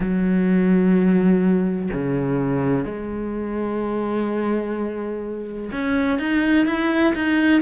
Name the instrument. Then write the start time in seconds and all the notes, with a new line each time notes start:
cello
0.00 F#3
1.92 C#3
2.84 G#3
5.71 C#4
6.18 D#4
6.66 E4
7.14 D#4